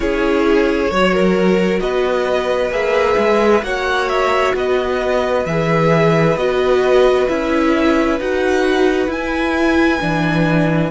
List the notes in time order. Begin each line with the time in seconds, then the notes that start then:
0.00 C#4 E4 G#4 C#5
0.91 F#3 F#4 C#5
1.12 A#4
1.80 B3 B4 D#5
2.70 A#3 G#4 E5
3.17 G#3
3.62 A#3 F#4 C#5 F#5
4.08 E5
4.54 B3 B4 D#5
5.45 E3 G#4 E5
6.36 B3 F#4 D#5
7.28 C#4 E4 E5
8.19 D#4 F#4 F#5
9.07 E4 G#5
10.00 E3 D4